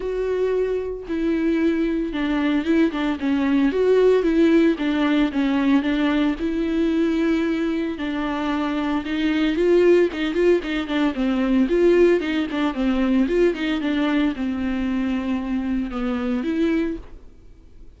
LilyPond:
\new Staff \with { instrumentName = "viola" } { \time 4/4 \tempo 4 = 113 fis'2 e'2 | d'4 e'8 d'8 cis'4 fis'4 | e'4 d'4 cis'4 d'4 | e'2. d'4~ |
d'4 dis'4 f'4 dis'8 f'8 | dis'8 d'8 c'4 f'4 dis'8 d'8 | c'4 f'8 dis'8 d'4 c'4~ | c'2 b4 e'4 | }